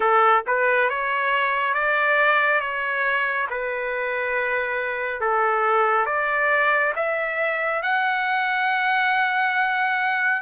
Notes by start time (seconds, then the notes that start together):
0.00 A4
0.46 B4
0.89 C#5
1.74 D5
2.60 C#5
3.50 B4
5.21 A4
6.06 D5
6.95 E5
7.82 F#5